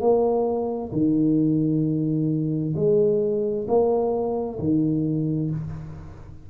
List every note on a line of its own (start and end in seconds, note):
0.00 0.91 A#3
0.92 2.74 D#3
2.76 3.67 G#3
3.67 4.58 A#3
4.59 5.50 D#3